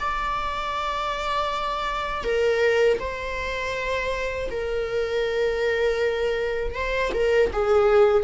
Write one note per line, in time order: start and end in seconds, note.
0.00 2.24 D5
2.24 2.99 A#4
3.00 4.50 C5
4.51 6.75 A#4
6.75 7.12 C5
7.14 7.51 A#4
7.53 8.24 G#4